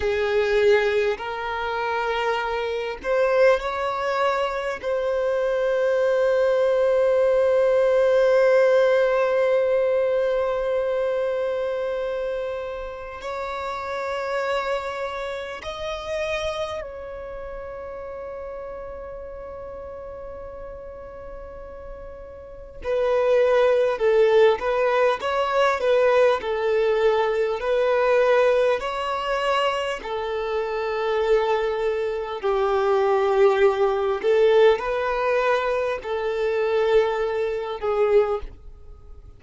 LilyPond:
\new Staff \with { instrumentName = "violin" } { \time 4/4 \tempo 4 = 50 gis'4 ais'4. c''8 cis''4 | c''1~ | c''2. cis''4~ | cis''4 dis''4 cis''2~ |
cis''2. b'4 | a'8 b'8 cis''8 b'8 a'4 b'4 | cis''4 a'2 g'4~ | g'8 a'8 b'4 a'4. gis'8 | }